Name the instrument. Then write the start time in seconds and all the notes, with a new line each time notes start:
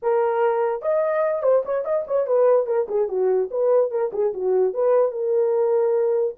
horn
0.02 A#4
0.82 D#5
1.42 C5
1.65 C#5
1.84 D#5
2.07 C#5
2.26 B4
2.66 A#4
2.88 G#4
3.08 F#4
3.50 B4
3.90 A#4
4.12 G#4
4.33 F#4
4.73 B4
5.11 A#4